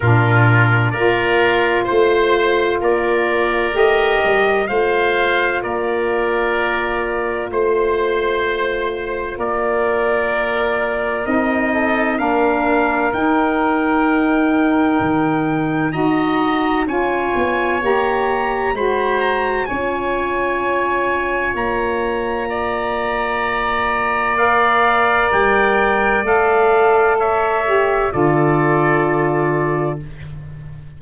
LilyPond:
<<
  \new Staff \with { instrumentName = "trumpet" } { \time 4/4 \tempo 4 = 64 ais'4 d''4 c''4 d''4 | dis''4 f''4 d''2 | c''2 d''2 | dis''4 f''4 g''2~ |
g''4 ais''4 gis''4 ais''4 | b''8 ais''8 gis''2 ais''4~ | ais''2 f''4 g''4 | f''4 e''4 d''2 | }
  \new Staff \with { instrumentName = "oboe" } { \time 4/4 f'4 ais'4 c''4 ais'4~ | ais'4 c''4 ais'2 | c''2 ais'2~ | ais'8 a'8 ais'2.~ |
ais'4 dis''4 cis''2 | c''4 cis''2. | d''1~ | d''4 cis''4 a'2 | }
  \new Staff \with { instrumentName = "saxophone" } { \time 4/4 d'4 f'2. | g'4 f'2.~ | f'1 | dis'4 d'4 dis'2~ |
dis'4 fis'4 f'4 g'4 | fis'4 f'2.~ | f'2 ais'2 | a'4. g'8 f'2 | }
  \new Staff \with { instrumentName = "tuba" } { \time 4/4 ais,4 ais4 a4 ais4 | a8 g8 a4 ais2 | a2 ais2 | c'4 ais4 dis'2 |
dis4 dis'4 cis'8 b8 ais4 | gis4 cis'2 ais4~ | ais2. g4 | a2 d2 | }
>>